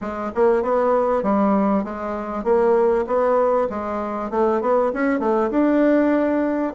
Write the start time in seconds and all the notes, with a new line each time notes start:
0.01 G#3
0.34 A#3
0.62 B3
1.22 G3
1.84 G#3
2.44 A#3
3.06 B3
3.69 G#3
4.30 A3
4.61 B3
4.93 C#4
5.19 A3
5.50 D4